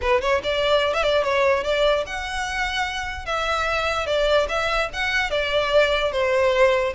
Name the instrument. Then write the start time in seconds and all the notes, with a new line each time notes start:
violin
0.01 B4
0.21 C#5
0.43 D5
0.93 E5
1.03 D5
1.23 C#5
1.63 D5
2.06 F#5
3.25 E5
4.06 D5
4.48 E5
4.93 F#5
5.30 D5
6.12 C5